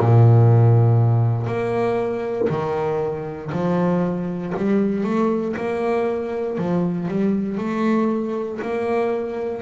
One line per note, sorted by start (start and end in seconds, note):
0.00 1.47 A#2
1.47 2.49 A#3
2.50 3.51 D#3
3.52 4.54 F3
4.57 5.04 G3
5.04 5.55 A3
5.57 6.58 A#3
6.58 7.09 F3
7.09 7.59 G3
7.59 8.60 A3
8.62 9.62 A#3